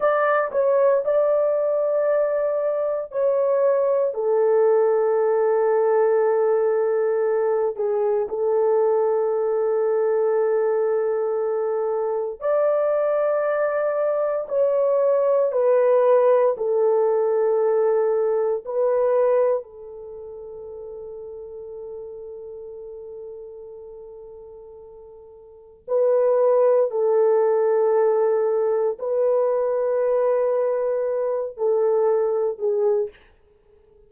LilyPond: \new Staff \with { instrumentName = "horn" } { \time 4/4 \tempo 4 = 58 d''8 cis''8 d''2 cis''4 | a'2.~ a'8 gis'8 | a'1 | d''2 cis''4 b'4 |
a'2 b'4 a'4~ | a'1~ | a'4 b'4 a'2 | b'2~ b'8 a'4 gis'8 | }